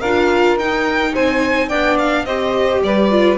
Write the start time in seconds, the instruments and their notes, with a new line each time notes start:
0.00 double bass D4, viola F4, saxophone A#4, violin F5
0.58 double bass D#4, viola D#4, violin G5
1.14 double bass C4, saxophone C5, violin G#5
1.68 double bass B3, viola D4, saxophone D5, violin G5
1.99 violin F5
2.25 double bass C4, viola G4, saxophone C5, violin D#5
2.82 double bass G3, saxophone B4, violin D5
3.11 viola F4